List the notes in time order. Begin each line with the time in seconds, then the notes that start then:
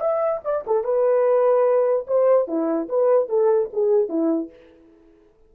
0.00 E5
0.44 D5
0.67 A4
0.83 B4
2.07 C5
2.47 E4
2.88 B4
3.29 A4
3.73 G#4
4.09 E4